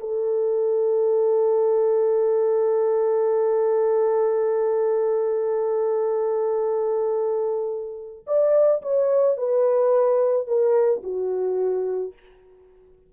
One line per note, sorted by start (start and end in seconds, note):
0.00 8.26 A4
8.27 8.82 D5
8.82 9.37 C#5
9.37 10.47 B4
10.47 11.02 A#4
11.03 12.14 F#4